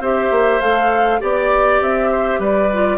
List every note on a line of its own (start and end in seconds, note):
0.00 0.30 C4
0.00 0.62 G4
0.00 1.21 C5
0.00 0.61 E5
0.30 0.60 A#3
0.61 1.21 A3
0.61 1.20 A4
0.61 1.21 F5
1.20 1.81 B3
1.20 2.70 G4
1.20 2.10 D5
1.20 1.82 D5
1.81 2.39 C4
1.81 2.42 E5
2.12 2.40 C5
2.39 2.98 G3
2.39 2.98 B4
2.39 2.98 D5
2.73 2.98 F4